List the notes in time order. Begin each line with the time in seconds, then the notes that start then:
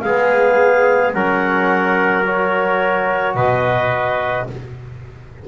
0.00 G#3 B3 G#4 F5
1.13 F#3 C#4 A#4 F#5
2.25 F#4 C#5
3.34 B2 B4 D#5